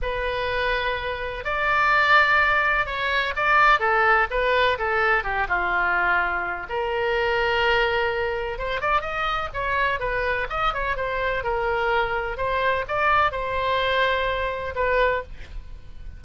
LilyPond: \new Staff \with { instrumentName = "oboe" } { \time 4/4 \tempo 4 = 126 b'2. d''4~ | d''2 cis''4 d''4 | a'4 b'4 a'4 g'8 f'8~ | f'2 ais'2~ |
ais'2 c''8 d''8 dis''4 | cis''4 b'4 dis''8 cis''8 c''4 | ais'2 c''4 d''4 | c''2. b'4 | }